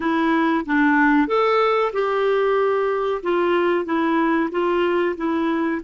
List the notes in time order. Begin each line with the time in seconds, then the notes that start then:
0.00 E4
0.65 D4
1.27 A4
1.92 G4
3.23 F4
3.85 E4
4.51 F4
5.16 E4